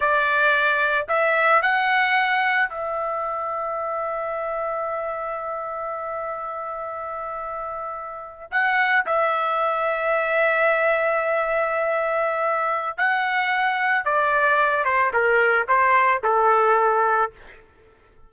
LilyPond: \new Staff \with { instrumentName = "trumpet" } { \time 4/4 \tempo 4 = 111 d''2 e''4 fis''4~ | fis''4 e''2.~ | e''1~ | e''2.~ e''8. fis''16~ |
fis''8. e''2.~ e''16~ | e''1 | fis''2 d''4. c''8 | ais'4 c''4 a'2 | }